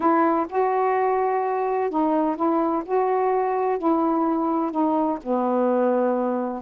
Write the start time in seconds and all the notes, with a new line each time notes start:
0.00 E4
0.49 F#4
1.90 D#4
2.35 E4
2.85 F#4
3.78 E4
4.71 D#4
5.22 B3